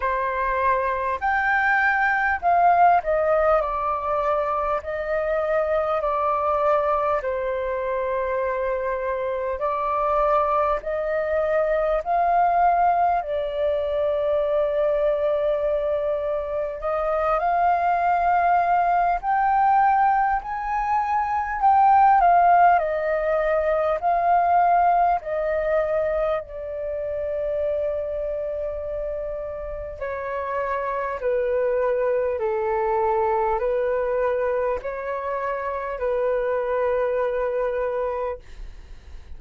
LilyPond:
\new Staff \with { instrumentName = "flute" } { \time 4/4 \tempo 4 = 50 c''4 g''4 f''8 dis''8 d''4 | dis''4 d''4 c''2 | d''4 dis''4 f''4 d''4~ | d''2 dis''8 f''4. |
g''4 gis''4 g''8 f''8 dis''4 | f''4 dis''4 d''2~ | d''4 cis''4 b'4 a'4 | b'4 cis''4 b'2 | }